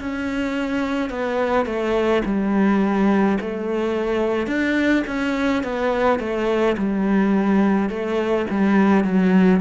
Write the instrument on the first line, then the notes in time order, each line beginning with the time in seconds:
cello
0.00 C#4
1.10 B3
1.66 A3
2.25 G3
3.41 A3
4.47 D4
5.07 C#4
5.63 B3
6.20 A3
6.78 G3
7.89 A3
8.51 G3
9.04 F#3